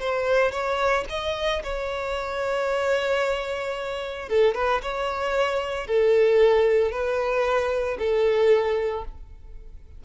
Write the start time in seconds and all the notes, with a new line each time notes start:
0.00 C5
0.52 C#5
1.10 D#5
1.64 C#5
4.29 A4
4.55 B4
4.82 C#5
5.87 A4
6.91 B4
7.99 A4